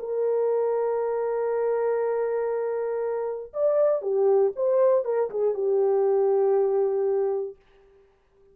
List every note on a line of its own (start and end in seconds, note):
0.00 3.53 A#4
3.54 4.02 D5
4.02 4.53 G4
4.56 5.05 C5
5.05 5.30 A#4
5.30 5.54 G#4
5.54 7.56 G4